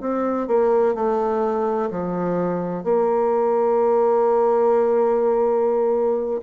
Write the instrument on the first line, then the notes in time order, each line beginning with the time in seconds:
bassoon
0.00 C4
0.47 A#3
0.94 A3
1.90 F3
2.84 A#3